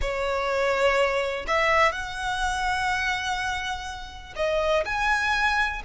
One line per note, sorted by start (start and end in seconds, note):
0.01 1.46 C#5
1.47 1.92 E5
1.92 4.34 F#5
4.35 4.84 D#5
4.85 5.82 G#5